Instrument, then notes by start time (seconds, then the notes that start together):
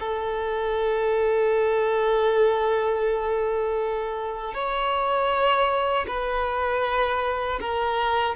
violin
0.00 A4
4.54 C#5
6.08 B4
7.60 A#4